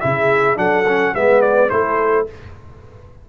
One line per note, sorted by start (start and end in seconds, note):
0.00 0.57 C#3
0.00 0.55 E4
0.00 0.58 G#4
0.00 0.57 E5
0.55 1.13 F#3
0.55 0.84 D4
0.55 1.15 A4
0.55 1.15 F#5
0.88 1.15 C#4
1.15 1.71 G#3
1.15 1.70 B3
1.15 1.72 B4
1.15 1.41 E5
1.41 1.69 D5
1.69 2.28 A3
1.69 2.26 E4
1.69 2.29 A4
1.69 2.26 C5